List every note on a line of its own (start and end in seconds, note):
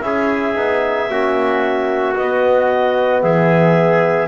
0.00 0.55 C#4
0.00 0.54 E4
0.00 1.10 G#4
0.00 2.14 E5
0.54 1.08 B3
0.54 1.08 D#4
1.08 2.15 A#3
1.08 2.15 C#4
1.08 3.23 F#4
2.15 4.27 B3
2.15 3.23 B3
2.15 3.21 D#5
3.21 4.27 E3
3.21 4.27 G#4
3.21 4.27 E5